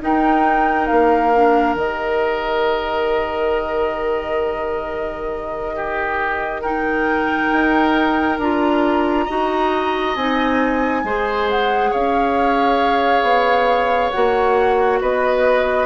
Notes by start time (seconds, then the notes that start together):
0.00 D#4 A#4 G5
0.86 A#3 F5
1.34 D4
1.75 D#3 G4 D#5
5.75 G4
6.61 D#4 A#4 G5
7.52 D#4
8.38 D4 F4 A#5
9.24 D#4 F#4 D#5
10.15 C4 D#4 G#5
11.03 G#3 G#4 C5
11.49 F#5
11.90 C#4 C#5 F5
13.22 B3
14.10 A#3 F#4 F#5
15.01 B3 B4 D#5